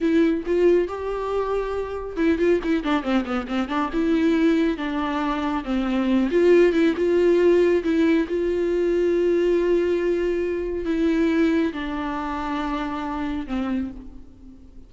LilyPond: \new Staff \with { instrumentName = "viola" } { \time 4/4 \tempo 4 = 138 e'4 f'4 g'2~ | g'4 e'8 f'8 e'8 d'8 c'8 b8 | c'8 d'8 e'2 d'4~ | d'4 c'4. f'4 e'8 |
f'2 e'4 f'4~ | f'1~ | f'4 e'2 d'4~ | d'2. c'4 | }